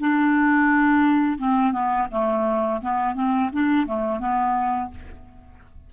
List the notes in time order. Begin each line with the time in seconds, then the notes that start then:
0.00 D4
1.39 C4
1.73 B3
2.11 A3
2.82 B3
3.15 C4
3.53 D4
3.87 A3
4.20 B3